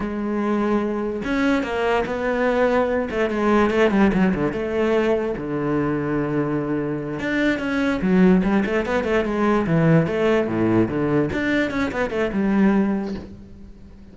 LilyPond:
\new Staff \with { instrumentName = "cello" } { \time 4/4 \tempo 4 = 146 gis2. cis'4 | ais4 b2~ b8 a8 | gis4 a8 g8 fis8 d8 a4~ | a4 d2.~ |
d4. d'4 cis'4 fis8~ | fis8 g8 a8 b8 a8 gis4 e8~ | e8 a4 a,4 d4 d'8~ | d'8 cis'8 b8 a8 g2 | }